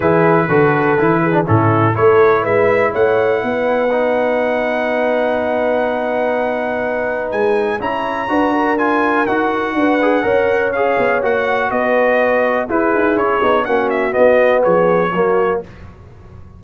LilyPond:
<<
  \new Staff \with { instrumentName = "trumpet" } { \time 4/4 \tempo 4 = 123 b'2. a'4 | cis''4 e''4 fis''2~ | fis''1~ | fis''2. gis''4 |
ais''2 gis''4 fis''4~ | fis''2 f''4 fis''4 | dis''2 b'4 cis''4 | fis''8 e''8 dis''4 cis''2 | }
  \new Staff \with { instrumentName = "horn" } { \time 4/4 gis'4 a'4. gis'8 e'4 | a'4 b'4 cis''4 b'4~ | b'1~ | b'1 |
cis''4 b'8 ais'2~ ais'8 | b'4 cis''2. | b'2 gis'2 | fis'2 gis'4 fis'4 | }
  \new Staff \with { instrumentName = "trombone" } { \time 4/4 e'4 fis'4 e'8. d'16 cis'4 | e'1 | dis'1~ | dis'1 |
e'4 fis'4 f'4 fis'4~ | fis'8 gis'8 ais'4 gis'4 fis'4~ | fis'2 e'4. dis'8 | cis'4 b2 ais4 | }
  \new Staff \with { instrumentName = "tuba" } { \time 4/4 e4 d4 e4 a,4 | a4 gis4 a4 b4~ | b1~ | b2. gis4 |
cis'4 d'2 dis'4 | d'4 cis'4. b8 ais4 | b2 e'8 dis'8 cis'8 b8 | ais4 b4 f4 fis4 | }
>>